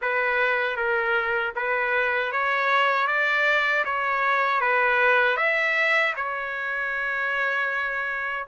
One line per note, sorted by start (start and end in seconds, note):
0.01 0.76 B4
0.76 1.53 A#4
1.55 2.31 B4
2.31 3.07 C#5
3.07 3.84 D5
3.85 4.60 C#5
4.60 5.36 B4
5.36 6.13 E5
6.15 8.46 C#5